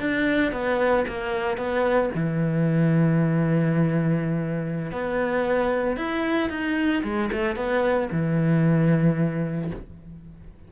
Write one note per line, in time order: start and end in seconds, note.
0.00 0.52 D4
0.52 1.05 B3
1.07 1.57 A#3
1.57 2.10 B3
2.15 4.92 E3
4.92 5.97 B3
5.97 6.49 E4
6.49 7.03 D#4
7.04 7.30 G#3
7.32 7.56 A3
7.56 8.09 B3
8.11 9.71 E3